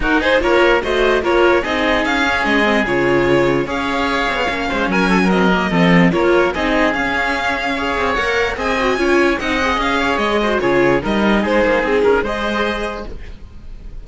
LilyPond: <<
  \new Staff \with { instrumentName = "violin" } { \time 4/4 \tempo 4 = 147 ais'8 c''8 cis''4 dis''4 cis''4 | dis''4 f''4 dis''4 cis''4~ | cis''4 f''2. | gis''4 dis''2 cis''4 |
dis''4 f''2. | fis''4 gis''2 fis''4 | f''4 dis''4 cis''4 dis''4 | c''4 gis'4 dis''2 | }
  \new Staff \with { instrumentName = "oboe" } { \time 4/4 fis'8 gis'8 ais'4 c''4 ais'4 | gis'1~ | gis'4 cis''2~ cis''8 c''8 | ais'8 a'16 ais'4~ ais'16 a'4 ais'4 |
gis'2. cis''4~ | cis''4 dis''4 cis''4 dis''4~ | dis''8 cis''4 c''8 gis'4 ais'4 | gis'4. ais'8 c''2 | }
  \new Staff \with { instrumentName = "viola" } { \time 4/4 dis'4 f'4 fis'4 f'4 | dis'4. cis'4 c'8 f'4~ | f'4 gis'2 cis'4~ | cis'4 c'8 ais8 c'4 f'4 |
dis'4 cis'2 gis'4 | ais'4 gis'8 fis'8 f'4 dis'8 gis'8~ | gis'4. fis'8 f'4 dis'4~ | dis'2 gis'2 | }
  \new Staff \with { instrumentName = "cello" } { \time 4/4 dis'4 ais4 a4 ais4 | c'4 cis'4 gis4 cis4~ | cis4 cis'4. c'16 b16 ais8 gis8 | fis2 f4 ais4 |
c'4 cis'2~ cis'8 c'8 | ais4 c'4 cis'4 c'4 | cis'4 gis4 cis4 g4 | gis8 ais8 c'8 cis'8 gis2 | }
>>